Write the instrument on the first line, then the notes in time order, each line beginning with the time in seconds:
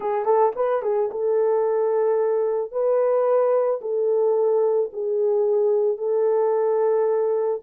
horn
0.00 G#4
0.25 A4
0.55 B4
0.82 G#4
1.11 A4
2.71 B4
3.81 A4
4.92 G#4
5.97 A4